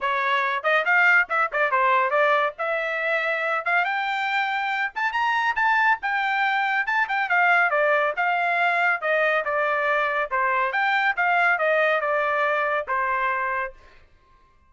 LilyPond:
\new Staff \with { instrumentName = "trumpet" } { \time 4/4 \tempo 4 = 140 cis''4. dis''8 f''4 e''8 d''8 | c''4 d''4 e''2~ | e''8 f''8 g''2~ g''8 a''8 | ais''4 a''4 g''2 |
a''8 g''8 f''4 d''4 f''4~ | f''4 dis''4 d''2 | c''4 g''4 f''4 dis''4 | d''2 c''2 | }